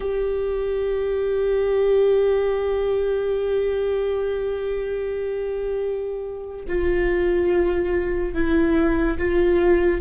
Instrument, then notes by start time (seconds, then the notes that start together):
viola
0.00 G4
6.67 F4
8.34 E4
9.18 F4